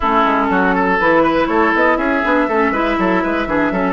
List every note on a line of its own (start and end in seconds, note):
0.00 0.24 A3
0.00 1.00 C#4
0.00 0.47 E4
0.00 0.99 A4
0.24 0.49 G#3
0.49 0.99 F#3
0.49 0.75 F#4
0.75 1.22 A4
0.99 1.48 E3
0.99 2.24 E4
0.99 1.47 B4
1.22 1.47 B4
1.47 1.73 A3
1.47 1.98 A4
1.47 1.72 C#5
1.74 1.97 B3
1.74 1.97 D#5
1.97 2.22 C#4
1.97 2.47 G#4
1.97 3.93 E5
2.24 2.48 B3
2.24 2.49 D4
2.48 2.71 A3
2.48 2.73 C#4
2.48 2.71 A4
2.71 2.96 G#3
2.71 3.47 E4
2.71 2.96 B4
2.98 3.23 F#3
2.98 3.22 A4
3.22 3.46 G#3
3.22 3.47 B4
3.46 3.71 E3
3.46 3.72 D4
3.46 3.72 G#4
3.71 3.93 F#3
3.71 3.93 C#4
3.71 3.93 A4